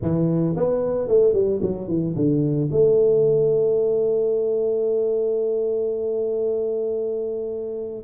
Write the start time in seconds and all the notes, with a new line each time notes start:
0.02 E3
0.56 B3
1.07 A3
1.33 G3
1.61 F#3
1.87 E3
2.16 D3
2.71 A3